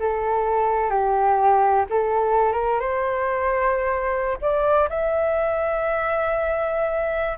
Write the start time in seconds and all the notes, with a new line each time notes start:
0.00 A4
0.90 G4
1.90 A4
2.52 A#4
2.80 C5
4.42 D5
4.90 E5